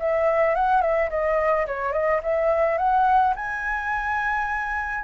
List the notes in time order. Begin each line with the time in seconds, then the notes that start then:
0.00 E5
0.55 F#5
0.82 E5
1.10 D#5
1.67 C#5
1.93 D#5
2.24 E5
2.78 F#5
3.36 G#5